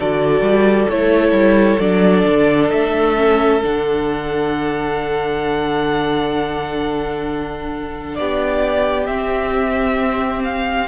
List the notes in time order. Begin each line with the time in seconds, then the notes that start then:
0.00 D3 F#4 A4 D5
0.41 G3
0.90 A3 E4 C#5
1.32 G3
1.80 F#3 D4 D5
2.26 D3
2.71 A3 E5
3.16 C#4
3.63 D3 D4 F#5
8.16 B3 G4 D5
9.06 C4 E5
10.44 F5